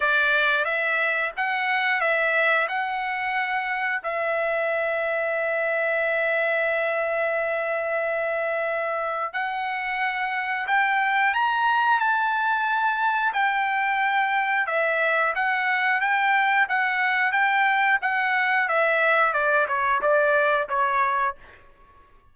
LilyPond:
\new Staff \with { instrumentName = "trumpet" } { \time 4/4 \tempo 4 = 90 d''4 e''4 fis''4 e''4 | fis''2 e''2~ | e''1~ | e''2 fis''2 |
g''4 ais''4 a''2 | g''2 e''4 fis''4 | g''4 fis''4 g''4 fis''4 | e''4 d''8 cis''8 d''4 cis''4 | }